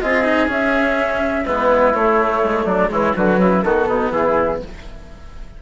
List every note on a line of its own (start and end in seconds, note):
0.00 0.49 C4
0.00 0.24 F4
0.00 1.44 G#4
0.00 0.48 D#5
0.24 0.47 D#4
0.47 1.44 C#4
0.47 1.46 C#4
0.47 1.46 E5
1.44 1.95 G#3
1.44 1.94 B3
1.44 2.64 E4
1.44 1.94 B4
1.94 2.89 A3
1.94 2.43 A3
1.94 2.67 C#5
2.44 2.65 G#3
2.64 2.90 F#3
2.64 2.89 D4
2.64 2.91 D5
2.89 3.15 E3
2.89 3.13 G#3
2.89 3.16 E4
2.89 3.15 C#5
3.16 3.37 D3
3.16 3.65 F#3
3.16 3.40 F#4
3.16 3.63 B4
3.37 3.62 C#3
3.37 3.64 E4
3.63 3.87 D#3
3.63 4.62 B3
3.63 3.88 F#4
3.63 4.11 A4
3.88 4.11 B2
3.88 4.12 D#4
4.11 4.59 E3
4.11 4.61 E4
4.11 4.61 G#4